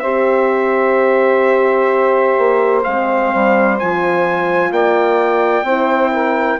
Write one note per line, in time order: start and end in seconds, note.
0.00 2.37 C4
0.00 2.85 G4
0.00 4.70 C5
0.00 2.81 E5
2.38 2.85 A#3
2.84 3.34 G#3
2.84 3.79 C4
2.84 3.78 F5
3.34 3.81 G3
3.79 4.71 F3
3.79 5.67 F4
3.79 4.73 G#5
4.71 5.63 A#3
4.71 5.64 D5
4.71 6.60 G5
5.63 6.56 C4
5.63 6.60 E4
5.63 6.11 C5
6.13 6.60 A#4